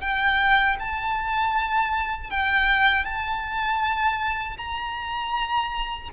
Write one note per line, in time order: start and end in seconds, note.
0.00 0.76 G5
0.79 2.30 A5
2.30 3.05 G5
3.05 4.57 A5
4.57 6.09 A#5